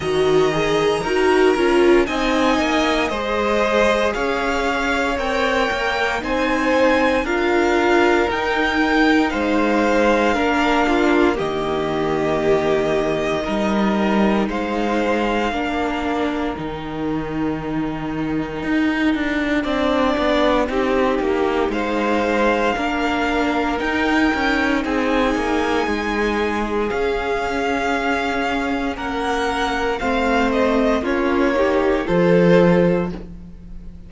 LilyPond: <<
  \new Staff \with { instrumentName = "violin" } { \time 4/4 \tempo 4 = 58 ais''2 gis''4 dis''4 | f''4 g''4 gis''4 f''4 | g''4 f''2 dis''4~ | dis''2 f''2 |
g''1~ | g''4 f''2 g''4 | gis''2 f''2 | fis''4 f''8 dis''8 cis''4 c''4 | }
  \new Staff \with { instrumentName = "violin" } { \time 4/4 dis''4 ais'4 dis''4 c''4 | cis''2 c''4 ais'4~ | ais'4 c''4 ais'8 f'8 g'4~ | g'4 ais'4 c''4 ais'4~ |
ais'2. d''4 | g'4 c''4 ais'2 | gis'1 | ais'4 c''4 f'8 g'8 a'4 | }
  \new Staff \with { instrumentName = "viola" } { \time 4/4 fis'8 gis'8 fis'8 f'8 dis'4 gis'4~ | gis'4 ais'4 dis'4 f'4 | dis'2 d'4 ais4~ | ais4 dis'2 d'4 |
dis'2. d'4 | dis'2 d'4 dis'4~ | dis'2 cis'2~ | cis'4 c'4 cis'8 dis'8 f'4 | }
  \new Staff \with { instrumentName = "cello" } { \time 4/4 dis4 dis'8 cis'8 c'8 ais8 gis4 | cis'4 c'8 ais8 c'4 d'4 | dis'4 gis4 ais4 dis4~ | dis4 g4 gis4 ais4 |
dis2 dis'8 d'8 c'8 b8 | c'8 ais8 gis4 ais4 dis'8 cis'8 | c'8 ais8 gis4 cis'2 | ais4 a4 ais4 f4 | }
>>